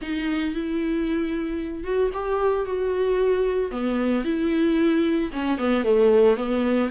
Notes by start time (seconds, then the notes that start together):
0.01 D#4
0.54 E4
1.84 F#4
2.13 G4
2.65 F#4
3.71 B3
4.24 E4
5.32 C#4
5.58 B3
5.84 A3
6.36 B3